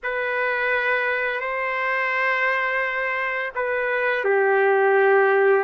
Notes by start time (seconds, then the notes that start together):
0.03 B4
1.40 C5
3.55 B4
4.24 G4